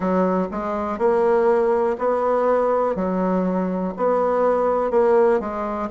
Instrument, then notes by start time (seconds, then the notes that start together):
bassoon
0.00 F#3
0.51 G#3
0.98 A#3
1.98 B3
2.95 F#3
3.97 B3
4.90 A#3
5.40 G#3